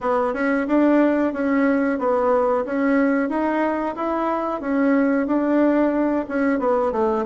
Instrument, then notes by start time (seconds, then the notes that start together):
bassoon
0.00 B3
0.33 C#4
0.67 D4
1.33 C#4
1.98 B3
2.65 C#4
3.29 D#4
3.95 E4
4.61 C#4
5.26 D4
6.28 C#4
6.59 B3
6.92 A3